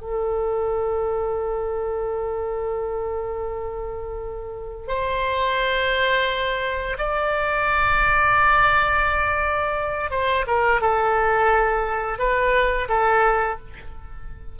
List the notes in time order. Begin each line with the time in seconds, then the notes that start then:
0.00 A4
4.88 C5
6.98 D5
10.10 C5
10.47 A#4
10.81 A4
12.18 B4
12.88 A4